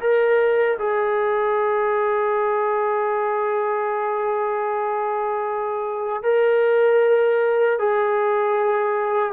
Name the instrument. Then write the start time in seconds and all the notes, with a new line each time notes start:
trombone
0.00 A#4
0.79 G#4
6.23 A#4
7.79 G#4